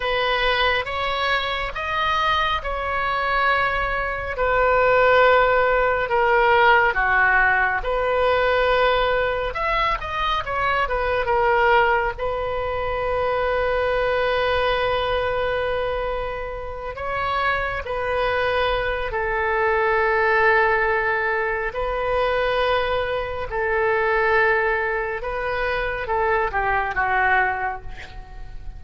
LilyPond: \new Staff \with { instrumentName = "oboe" } { \time 4/4 \tempo 4 = 69 b'4 cis''4 dis''4 cis''4~ | cis''4 b'2 ais'4 | fis'4 b'2 e''8 dis''8 | cis''8 b'8 ais'4 b'2~ |
b'2.~ b'8 cis''8~ | cis''8 b'4. a'2~ | a'4 b'2 a'4~ | a'4 b'4 a'8 g'8 fis'4 | }